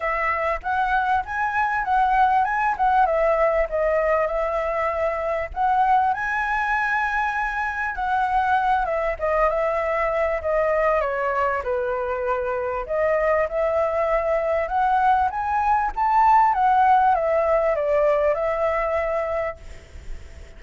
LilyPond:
\new Staff \with { instrumentName = "flute" } { \time 4/4 \tempo 4 = 98 e''4 fis''4 gis''4 fis''4 | gis''8 fis''8 e''4 dis''4 e''4~ | e''4 fis''4 gis''2~ | gis''4 fis''4. e''8 dis''8 e''8~ |
e''4 dis''4 cis''4 b'4~ | b'4 dis''4 e''2 | fis''4 gis''4 a''4 fis''4 | e''4 d''4 e''2 | }